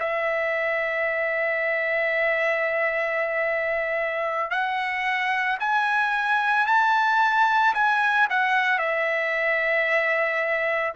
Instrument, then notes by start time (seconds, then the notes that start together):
trumpet
0.00 E5
4.50 F#5
5.60 G#5
6.67 A5
7.74 G#5
8.30 F#5
8.79 E5